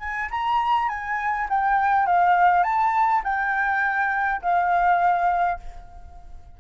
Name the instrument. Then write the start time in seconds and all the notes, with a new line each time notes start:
flute
0.00 G#5
0.31 A#5
0.89 G#5
1.50 G5
2.06 F5
2.63 A5
3.24 G5
4.42 F5